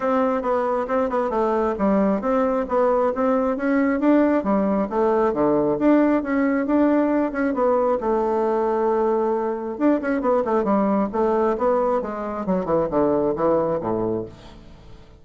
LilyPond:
\new Staff \with { instrumentName = "bassoon" } { \time 4/4 \tempo 4 = 135 c'4 b4 c'8 b8 a4 | g4 c'4 b4 c'4 | cis'4 d'4 g4 a4 | d4 d'4 cis'4 d'4~ |
d'8 cis'8 b4 a2~ | a2 d'8 cis'8 b8 a8 | g4 a4 b4 gis4 | fis8 e8 d4 e4 a,4 | }